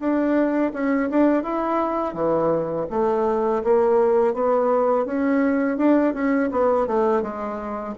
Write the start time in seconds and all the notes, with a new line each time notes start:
0.00 D4
0.74 C#4
1.11 D4
1.43 E4
2.14 E3
2.91 A3
3.64 A#3
4.34 B3
5.06 C#4
5.78 D4
6.14 C#4
6.52 B3
6.87 A3
7.23 G#3